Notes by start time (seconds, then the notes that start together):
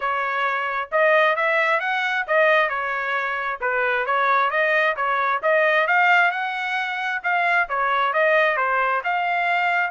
0.00 C#5
0.91 D#5
1.36 E5
1.79 F#5
2.27 D#5
2.69 C#5
3.60 B4
4.05 C#5
4.50 D#5
4.96 C#5
5.42 D#5
5.87 F5
6.31 F#5
7.23 F5
7.68 C#5
8.13 D#5
8.57 C5
9.03 F5